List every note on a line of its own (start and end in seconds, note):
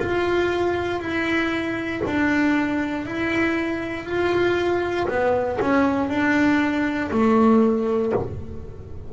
0.00 1.00 F4
1.00 2.02 E4
2.06 3.06 D4
3.06 4.05 E4
4.05 5.07 F4
5.08 5.59 B3
5.61 6.09 C#4
6.09 7.11 D4
7.11 8.13 A3